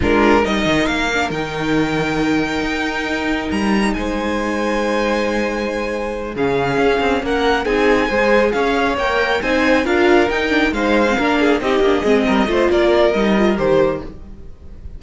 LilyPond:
<<
  \new Staff \with { instrumentName = "violin" } { \time 4/4 \tempo 4 = 137 ais'4 dis''4 f''4 g''4~ | g''1 | ais''4 gis''2.~ | gis''2~ gis''8 f''4.~ |
f''8 fis''4 gis''2 f''8~ | f''8 g''4 gis''4 f''4 g''8~ | g''8 f''2 dis''4.~ | dis''4 d''4 dis''4 c''4 | }
  \new Staff \with { instrumentName = "violin" } { \time 4/4 f'4 ais'2.~ | ais'1~ | ais'4 c''2.~ | c''2~ c''8 gis'4.~ |
gis'8 ais'4 gis'4 c''4 cis''8~ | cis''4. c''4 ais'4.~ | ais'8 c''4 ais'8 gis'8 g'4 gis'8 | ais'8 c''8 ais'2. | }
  \new Staff \with { instrumentName = "viola" } { \time 4/4 d'4 dis'4. d'8 dis'4~ | dis'1~ | dis'1~ | dis'2~ dis'8 cis'4.~ |
cis'4. dis'4 gis'4.~ | gis'8 ais'4 dis'4 f'4 dis'8 | d'8 dis'8. c'16 d'4 dis'8 d'8 c'8~ | c'8 f'4. dis'8 f'8 g'4 | }
  \new Staff \with { instrumentName = "cello" } { \time 4/4 gis4 g8 dis8 ais4 dis4~ | dis2 dis'2 | g4 gis2.~ | gis2~ gis8 cis4 cis'8 |
c'8 ais4 c'4 gis4 cis'8~ | cis'8 ais4 c'4 d'4 dis'8~ | dis'8 gis4 ais4 c'8 ais8 gis8 | g8 a8 ais4 g4 dis4 | }
>>